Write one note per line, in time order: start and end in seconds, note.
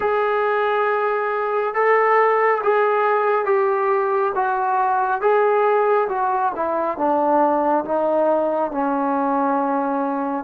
0.00 1.74 G#4
1.74 2.61 A4
2.63 3.45 G#4
3.45 4.32 G4
4.35 5.21 F#4
5.21 6.08 G#4
6.09 6.52 F#4
6.55 6.97 E4
6.97 7.84 D4
7.84 8.71 D#4
8.71 10.44 C#4